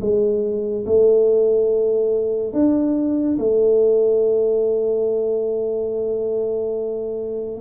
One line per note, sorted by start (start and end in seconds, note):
0.00 0.85 G#3
0.86 2.53 A3
2.53 3.37 D4
3.38 7.61 A3